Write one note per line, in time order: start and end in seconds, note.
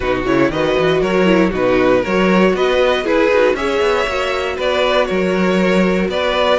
0.00 0.26 B2
0.00 0.25 D#4
0.00 0.50 F#4
0.00 0.21 B4
0.25 0.49 C#3
0.25 0.51 E4
0.25 0.51 C#5
0.49 0.75 D#3
0.49 1.25 F#4
0.49 1.00 B4
0.49 1.01 D#5
0.79 1.01 E3
1.00 1.52 F#3
1.00 1.49 A#4
1.00 1.52 C#5
1.25 1.50 E4
1.49 2.03 B2
1.49 2.03 D#4
1.49 2.00 F#4
1.49 2.04 B4
2.00 2.51 A#4
2.00 2.55 C#5
2.07 2.54 F#3
2.07 3.04 F#4
2.54 3.04 B3
2.54 3.03 B4
2.54 3.06 D#5
3.03 3.30 E4
3.03 3.54 G#4
3.03 3.55 B4
3.30 3.54 D#4
3.30 3.56 F#4
3.54 3.79 C#4
3.54 4.07 G#4
3.54 4.56 C#5
3.54 4.57 E5
3.81 4.06 B3
4.06 4.57 A#3
4.06 6.59 F#4
4.56 5.09 B3
4.56 5.06 B4
4.56 5.05 D5
5.05 6.08 F#3
5.05 6.10 A#4
5.05 6.07 C#5
6.08 6.59 B3
6.08 6.59 B4
6.08 6.59 D5